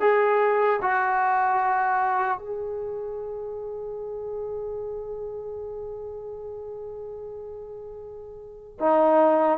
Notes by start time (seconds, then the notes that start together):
0.00 G#4
0.82 F#4
2.39 G#4
8.80 D#4